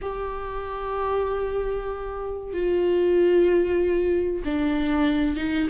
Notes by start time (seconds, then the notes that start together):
0.01 G4
2.53 F4
4.44 D4
5.36 D#4